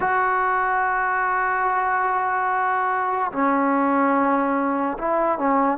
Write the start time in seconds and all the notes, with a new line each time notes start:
0.00 F#4
3.32 C#4
4.98 E4
5.38 C#4